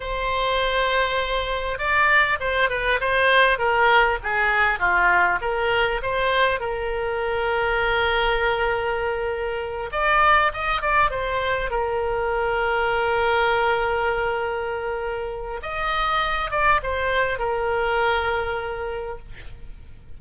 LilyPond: \new Staff \with { instrumentName = "oboe" } { \time 4/4 \tempo 4 = 100 c''2. d''4 | c''8 b'8 c''4 ais'4 gis'4 | f'4 ais'4 c''4 ais'4~ | ais'1~ |
ais'8 d''4 dis''8 d''8 c''4 ais'8~ | ais'1~ | ais'2 dis''4. d''8 | c''4 ais'2. | }